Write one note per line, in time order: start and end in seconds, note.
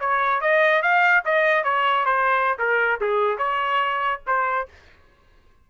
0.00 0.41 C#5
0.41 0.82 D#5
0.82 1.24 F5
1.25 1.64 D#5
1.64 2.05 C#5
2.06 2.58 C5
2.59 3.00 A#4
3.01 3.38 G#4
3.38 4.21 C#5
4.27 4.68 C5